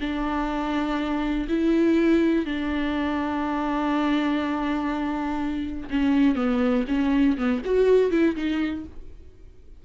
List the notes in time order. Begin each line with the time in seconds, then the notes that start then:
0.00 D4
1.49 E4
2.45 D4
5.90 C#4
6.36 B3
6.88 C#4
7.37 B3
7.65 F#4
8.11 E4
8.36 D#4